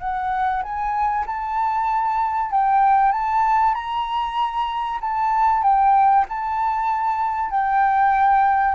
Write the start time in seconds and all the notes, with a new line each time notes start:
0.00 F#5
0.62 G#5
1.26 A5
2.51 G5
3.12 A5
3.74 A#5
5.01 A5
5.63 G5
6.29 A5
7.50 G5